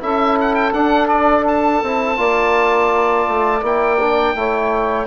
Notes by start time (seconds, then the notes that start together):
0.00 C#4 E4 A4 E5
0.41 F#5
0.55 G5
0.73 D4 F#5
1.08 D5
1.48 A5
1.82 C4 E4
2.17 A#3 F4 D5
3.27 A3
3.62 A#3 E4 G5
4.00 D4
4.35 A3 E4 C#5